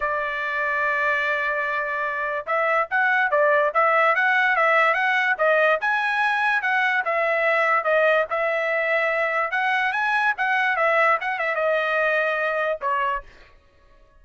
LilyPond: \new Staff \with { instrumentName = "trumpet" } { \time 4/4 \tempo 4 = 145 d''1~ | d''2 e''4 fis''4 | d''4 e''4 fis''4 e''4 | fis''4 dis''4 gis''2 |
fis''4 e''2 dis''4 | e''2. fis''4 | gis''4 fis''4 e''4 fis''8 e''8 | dis''2. cis''4 | }